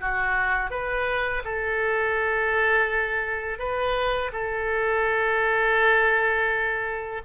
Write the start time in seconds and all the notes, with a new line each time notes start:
0.00 F#4
0.70 B4
1.44 A4
3.58 B4
4.32 A4